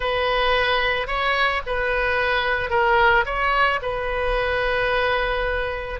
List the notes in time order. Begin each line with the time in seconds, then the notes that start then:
0.00 B4
1.07 C#5
1.66 B4
2.70 A#4
3.25 C#5
3.82 B4